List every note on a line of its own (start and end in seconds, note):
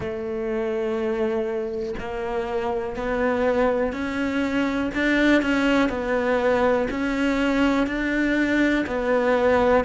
0.00 1.94 A3
1.99 2.96 A#3
2.96 3.92 B3
3.92 4.90 C#4
4.94 5.41 D4
5.41 5.89 C#4
5.89 6.87 B3
6.90 7.86 C#4
7.86 8.85 D4
8.86 9.84 B3